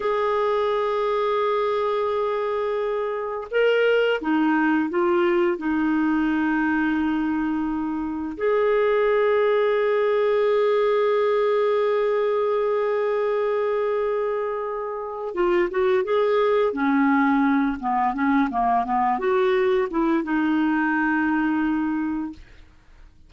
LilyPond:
\new Staff \with { instrumentName = "clarinet" } { \time 4/4 \tempo 4 = 86 gis'1~ | gis'4 ais'4 dis'4 f'4 | dis'1 | gis'1~ |
gis'1~ | gis'2 f'8 fis'8 gis'4 | cis'4. b8 cis'8 ais8 b8 fis'8~ | fis'8 e'8 dis'2. | }